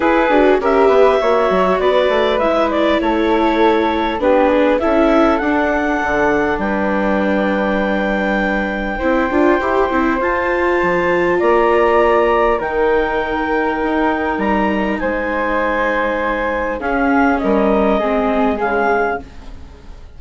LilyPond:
<<
  \new Staff \with { instrumentName = "clarinet" } { \time 4/4 \tempo 4 = 100 b'4 e''2 d''4 | e''8 d''8 cis''2 b'4 | e''4 fis''2 g''4~ | g''1~ |
g''4 a''2 ais''4~ | ais''4 g''2. | ais''4 gis''2. | f''4 dis''2 f''4 | }
  \new Staff \with { instrumentName = "flute" } { \time 4/4 gis'4 ais'8 b'8 cis''4 b'4~ | b'4 a'2 g'8 gis'8 | a'2. b'4~ | b'2. c''4~ |
c''2. d''4~ | d''4 ais'2.~ | ais'4 c''2. | gis'4 ais'4 gis'2 | }
  \new Staff \with { instrumentName = "viola" } { \time 4/4 e'8 fis'8 g'4 fis'2 | e'2. d'4 | e'4 d'2.~ | d'2. e'8 f'8 |
g'8 e'8 f'2.~ | f'4 dis'2.~ | dis'1 | cis'2 c'4 gis4 | }
  \new Staff \with { instrumentName = "bassoon" } { \time 4/4 e'8 d'8 cis'8 b8 ais8 fis8 b8 a8 | gis4 a2 b4 | cis'4 d'4 d4 g4~ | g2. c'8 d'8 |
e'8 c'8 f'4 f4 ais4~ | ais4 dis2 dis'4 | g4 gis2. | cis'4 g4 gis4 cis4 | }
>>